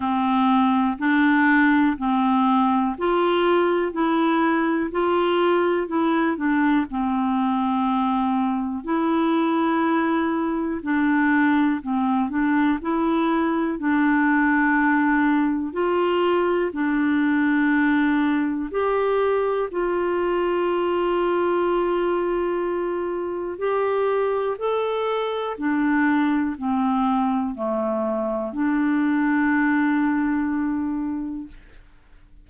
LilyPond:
\new Staff \with { instrumentName = "clarinet" } { \time 4/4 \tempo 4 = 61 c'4 d'4 c'4 f'4 | e'4 f'4 e'8 d'8 c'4~ | c'4 e'2 d'4 | c'8 d'8 e'4 d'2 |
f'4 d'2 g'4 | f'1 | g'4 a'4 d'4 c'4 | a4 d'2. | }